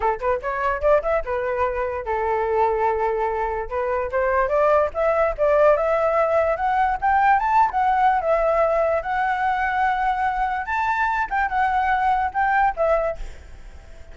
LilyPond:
\new Staff \with { instrumentName = "flute" } { \time 4/4 \tempo 4 = 146 a'8 b'8 cis''4 d''8 e''8 b'4~ | b'4 a'2.~ | a'4 b'4 c''4 d''4 | e''4 d''4 e''2 |
fis''4 g''4 a''8. fis''4~ fis''16 | e''2 fis''2~ | fis''2 a''4. g''8 | fis''2 g''4 e''4 | }